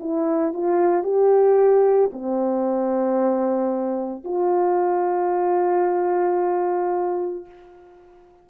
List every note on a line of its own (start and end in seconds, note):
0.00 0.54 E4
0.54 1.04 F4
1.04 2.11 G4
2.13 4.24 C4
4.24 7.46 F4